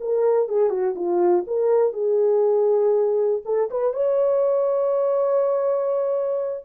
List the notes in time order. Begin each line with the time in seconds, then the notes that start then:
0.00 A#4
0.48 G#4
0.70 F#4
0.96 F4
1.47 A#4
1.93 G#4
3.45 A4
3.71 B4
3.93 C#5